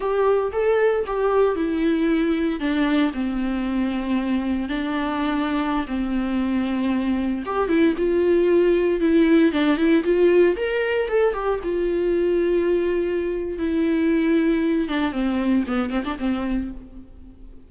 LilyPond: \new Staff \with { instrumentName = "viola" } { \time 4/4 \tempo 4 = 115 g'4 a'4 g'4 e'4~ | e'4 d'4 c'2~ | c'4 d'2~ d'16 c'8.~ | c'2~ c'16 g'8 e'8 f'8.~ |
f'4~ f'16 e'4 d'8 e'8 f'8.~ | f'16 ais'4 a'8 g'8 f'4.~ f'16~ | f'2 e'2~ | e'8 d'8 c'4 b8 c'16 d'16 c'4 | }